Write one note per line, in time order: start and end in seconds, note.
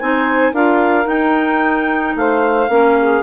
0.00 0.53 C4
0.00 0.55 D#4
0.00 0.53 C5
0.00 0.54 G#5
0.53 1.07 D4
0.53 1.05 F4
0.53 2.15 A#4
0.53 1.08 F5
1.05 2.67 D#4
1.05 2.15 D#4
1.05 2.16 G5
2.16 2.69 A3
2.16 2.71 C5
2.16 3.23 F5
2.69 3.23 A#3
2.69 3.23 C#4
2.69 2.98 A#4
3.01 3.23 G#4